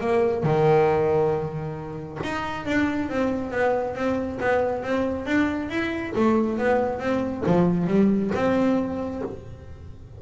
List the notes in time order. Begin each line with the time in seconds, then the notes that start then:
0.00 A#3
0.43 D#3
2.23 D#4
2.66 D4
3.09 C4
3.51 B3
3.95 C4
4.40 B3
4.83 C4
5.26 D4
5.69 E4
6.15 A3
6.58 B3
6.99 C4
7.46 F3
7.87 G3
8.34 C4